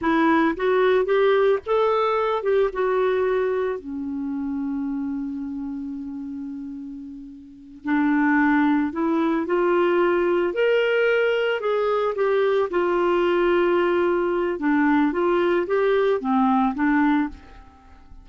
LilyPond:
\new Staff \with { instrumentName = "clarinet" } { \time 4/4 \tempo 4 = 111 e'4 fis'4 g'4 a'4~ | a'8 g'8 fis'2 cis'4~ | cis'1~ | cis'2~ cis'8 d'4.~ |
d'8 e'4 f'2 ais'8~ | ais'4. gis'4 g'4 f'8~ | f'2. d'4 | f'4 g'4 c'4 d'4 | }